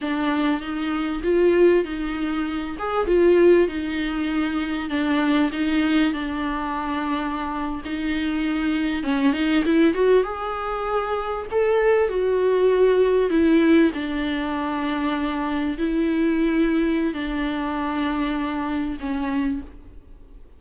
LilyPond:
\new Staff \with { instrumentName = "viola" } { \time 4/4 \tempo 4 = 98 d'4 dis'4 f'4 dis'4~ | dis'8 gis'8 f'4 dis'2 | d'4 dis'4 d'2~ | d'8. dis'2 cis'8 dis'8 e'16~ |
e'16 fis'8 gis'2 a'4 fis'16~ | fis'4.~ fis'16 e'4 d'4~ d'16~ | d'4.~ d'16 e'2~ e'16 | d'2. cis'4 | }